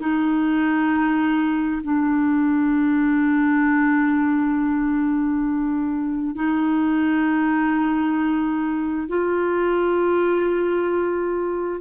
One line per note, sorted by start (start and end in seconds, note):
0.00 1.82 D#4
1.83 6.35 D4
6.35 9.08 D#4
9.08 11.81 F4